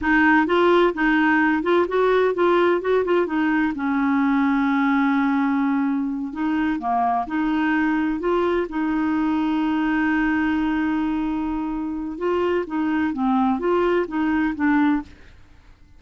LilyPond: \new Staff \with { instrumentName = "clarinet" } { \time 4/4 \tempo 4 = 128 dis'4 f'4 dis'4. f'8 | fis'4 f'4 fis'8 f'8 dis'4 | cis'1~ | cis'4. dis'4 ais4 dis'8~ |
dis'4. f'4 dis'4.~ | dis'1~ | dis'2 f'4 dis'4 | c'4 f'4 dis'4 d'4 | }